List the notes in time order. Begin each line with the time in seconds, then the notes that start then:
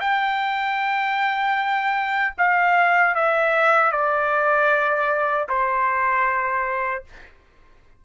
0.00 G5
2.38 F5
3.15 E5
3.92 D5
5.48 C5